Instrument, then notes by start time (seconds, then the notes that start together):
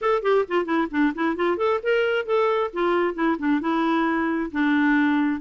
clarinet
0.01 A4
0.22 G4
0.48 F4
0.65 E4
0.90 D4
1.14 E4
1.35 F4
1.57 A4
1.83 A#4
2.25 A4
2.73 F4
3.14 E4
3.38 D4
3.60 E4
4.51 D4